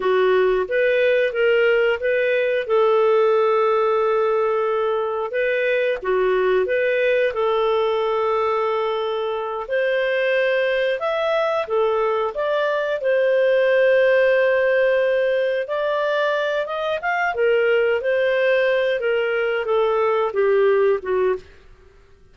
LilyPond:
\new Staff \with { instrumentName = "clarinet" } { \time 4/4 \tempo 4 = 90 fis'4 b'4 ais'4 b'4 | a'1 | b'4 fis'4 b'4 a'4~ | a'2~ a'8 c''4.~ |
c''8 e''4 a'4 d''4 c''8~ | c''2.~ c''8 d''8~ | d''4 dis''8 f''8 ais'4 c''4~ | c''8 ais'4 a'4 g'4 fis'8 | }